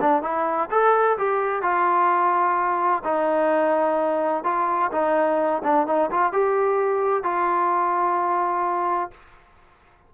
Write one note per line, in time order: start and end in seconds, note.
0.00 0.22 D4
0.22 0.69 E4
0.70 1.17 A4
1.17 1.62 G4
1.62 3.02 F4
3.04 4.44 D#4
4.44 4.90 F4
4.91 5.62 D#4
5.63 5.86 D4
5.86 6.10 D#4
6.11 6.32 F4
6.32 7.23 G4
7.23 9.10 F4